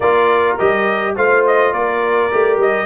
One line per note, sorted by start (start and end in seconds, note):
0.00 0.56 A#3
0.00 0.58 F4
0.00 1.14 A#4
0.00 0.57 D5
0.58 1.17 G3
0.58 1.16 G4
0.58 1.16 D#5
1.16 1.73 A3
1.16 2.31 F4
1.16 1.72 C5
1.16 1.45 F5
1.47 1.73 D#5
1.72 2.31 A#3
1.72 2.86 A#4
1.72 2.59 D5
2.31 2.57 A3
2.31 2.86 G4
2.57 2.86 G3
2.57 2.86 D#5